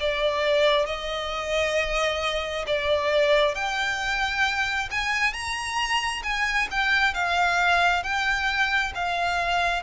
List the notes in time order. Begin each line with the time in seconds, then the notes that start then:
0.00 D5
0.86 D#5
2.67 D5
3.55 G5
4.91 G#5
5.33 A#5
6.23 G#5
6.71 G5
7.14 F5
8.03 G5
8.95 F5